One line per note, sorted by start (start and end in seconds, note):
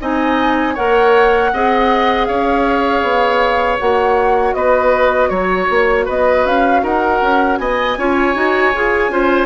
0.00 0.77 C4
0.00 0.75 D#4
0.00 0.74 D#5
0.00 0.75 G#5
0.74 1.53 A#3
0.74 1.51 A#4
0.74 1.50 C#5
0.74 2.25 F#5
1.53 2.28 C4
1.53 3.78 G#4
1.53 2.28 D#5
2.25 3.02 C#4
2.25 4.56 C#5
2.25 3.77 F5
3.02 3.78 B3
3.78 4.54 A#3
3.78 7.96 F#4
3.78 4.54 F#5
4.54 5.30 B3
4.54 5.29 B4
4.54 5.29 D#5
5.29 5.68 F#3
5.29 6.05 C#5
5.69 6.07 A#3
6.05 6.45 B3
6.05 6.81 B4
6.05 6.46 D#5
6.45 6.83 C#4
6.45 6.84 F5
6.83 7.21 D#4
6.83 7.59 A#4
6.83 7.57 F#5
7.21 7.59 C#4
7.57 7.97 B3
7.57 7.98 D#5
7.57 9.46 G#5
7.97 8.35 C#4
7.97 8.34 F4
7.97 9.11 C#5
8.34 8.73 D#4
8.34 8.72 F#4
8.74 9.09 F4
8.74 9.11 G#4
9.09 9.46 C#4
9.09 9.46 F4
9.09 9.46 C5